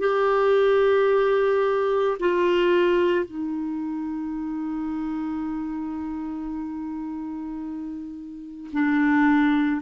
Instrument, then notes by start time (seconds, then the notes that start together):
clarinet
0.00 G4
2.20 F4
3.25 D#4
8.73 D4